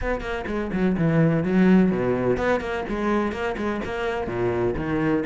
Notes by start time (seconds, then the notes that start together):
0.01 B3
0.21 A#3
0.47 G#3
0.72 F#3
0.97 E3
1.43 F#3
1.91 B2
2.37 B3
2.60 A#3
2.88 G#3
3.32 A#3
3.57 G#3
3.84 A#3
4.27 A#2
4.76 D#3